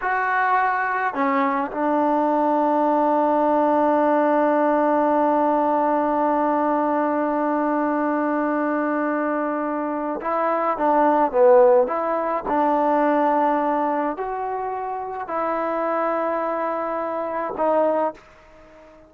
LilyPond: \new Staff \with { instrumentName = "trombone" } { \time 4/4 \tempo 4 = 106 fis'2 cis'4 d'4~ | d'1~ | d'1~ | d'1~ |
d'2 e'4 d'4 | b4 e'4 d'2~ | d'4 fis'2 e'4~ | e'2. dis'4 | }